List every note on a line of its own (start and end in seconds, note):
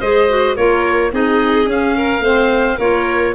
0.00 0.56 G#3
0.00 0.29 G#4
0.00 0.56 C5
0.00 0.56 D#5
0.29 0.56 F#4
0.56 1.12 A#3
0.56 1.11 F4
0.56 1.11 A#4
0.56 1.12 C#5
1.11 1.66 C4
1.11 1.66 D#4
1.11 1.96 G#4
1.11 1.70 D#5
1.66 2.21 C#4
1.66 2.19 C#4
1.66 2.80 F5
1.96 2.23 A#4
2.19 2.75 A3
2.19 2.78 C4
2.19 2.77 C5
2.77 3.34 A#3
2.77 3.34 F4
2.77 3.32 A#4
2.77 3.34 C#5